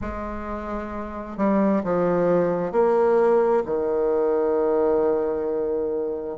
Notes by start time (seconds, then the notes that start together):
0.01 G#3
1.37 G3
1.83 F3
2.72 A#3
3.65 D#3